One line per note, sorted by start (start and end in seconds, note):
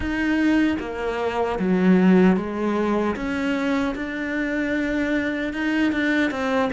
0.00 0.77 D#4
0.79 1.58 A#3
1.59 2.36 F#3
2.36 3.15 G#3
3.15 3.94 C#4
3.95 5.53 D4
5.53 5.91 D#4
5.91 6.30 D4
6.30 6.70 C4